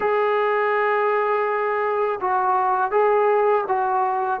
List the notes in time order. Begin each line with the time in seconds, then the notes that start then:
0.00 G#4
2.20 F#4
2.91 G#4
3.68 F#4